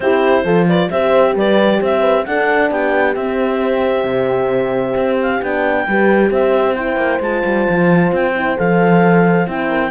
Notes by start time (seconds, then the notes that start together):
0.00 C4 E4 G4 C5
0.44 F3 F4 A4
0.68 B4 D5
0.90 C4 G4 C5 E5
1.35 G3 B4 D5
1.80 C4 C5 E5
2.00 B4
2.25 D4 A4 F#5
2.70 B3 G4 G5
3.15 C4 E5
4.04 C3
4.95 C4
5.22 F5
5.41 B3 D4 G5
5.87 G3 G4 B4
6.30 C4 C5 E5
6.74 E4 G5
6.96 A#3
7.19 G#3 F4 A5
7.45 G3
7.69 F3
8.12 C4 G5
8.34 E4
8.56 F3 A4 F5
9.46 C4 E4 G5
9.68 A#4